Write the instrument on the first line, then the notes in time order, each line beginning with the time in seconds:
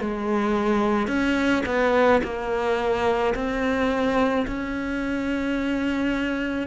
cello
0.00 G#3
1.08 C#4
1.66 B3
2.23 A#3
3.35 C4
4.47 C#4